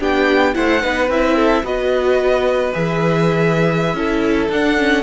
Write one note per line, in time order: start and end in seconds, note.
0.00 0.55 B3
0.00 0.54 D4
0.00 0.55 G4
0.00 0.55 G5
0.54 0.83 A3
0.54 0.81 E4
0.54 0.82 C5
0.54 1.09 F#5
0.82 1.08 B3
0.82 1.09 D#4
0.82 1.36 B4
1.08 1.63 C4
1.08 1.64 E4
1.08 1.65 E5
1.36 1.63 A4
1.63 2.72 B3
1.63 2.73 F#4
1.63 3.96 B4
1.63 2.74 D#5
2.73 3.94 E3
2.73 3.96 G#4
2.73 4.51 E5
3.94 4.48 C#4
3.94 4.50 E4
3.94 5.03 A4
4.49 5.03 D4
4.49 4.78 D4
4.49 5.03 F#5
4.78 5.03 C#4